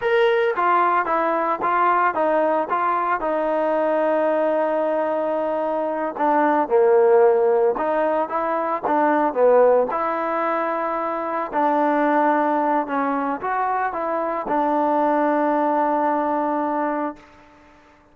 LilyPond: \new Staff \with { instrumentName = "trombone" } { \time 4/4 \tempo 4 = 112 ais'4 f'4 e'4 f'4 | dis'4 f'4 dis'2~ | dis'2.~ dis'8 d'8~ | d'8 ais2 dis'4 e'8~ |
e'8 d'4 b4 e'4.~ | e'4. d'2~ d'8 | cis'4 fis'4 e'4 d'4~ | d'1 | }